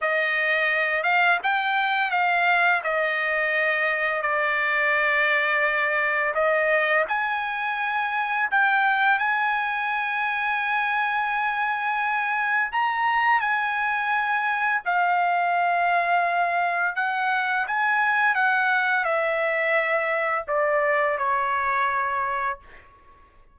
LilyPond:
\new Staff \with { instrumentName = "trumpet" } { \time 4/4 \tempo 4 = 85 dis''4. f''8 g''4 f''4 | dis''2 d''2~ | d''4 dis''4 gis''2 | g''4 gis''2.~ |
gis''2 ais''4 gis''4~ | gis''4 f''2. | fis''4 gis''4 fis''4 e''4~ | e''4 d''4 cis''2 | }